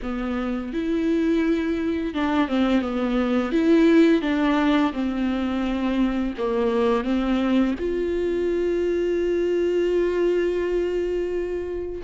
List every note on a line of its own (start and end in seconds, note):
0.02 0.73 B3
0.73 2.14 E4
2.14 2.48 D4
2.48 2.81 C4
2.81 3.51 B3
3.51 4.21 E4
4.21 4.92 D4
4.92 6.33 C4
6.38 7.04 A#3
7.04 7.74 C4
7.78 12.02 F4